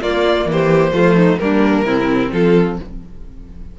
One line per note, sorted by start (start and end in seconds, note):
0.00 0.45 A#3
0.00 0.92 A#3
0.00 0.47 F4
0.00 0.48 D5
0.45 0.91 E3
0.51 0.93 G4
0.51 1.38 C5
0.92 1.39 F3
0.92 1.38 A3
0.92 1.15 F4
1.15 1.38 D#4
1.38 1.83 G3
1.38 1.85 A#3
1.38 1.86 D4
1.38 2.31 A#4
1.83 2.29 C3
1.83 2.78 C4
1.83 2.32 E4
2.32 2.79 F3
2.32 2.78 F4
2.32 2.79 A4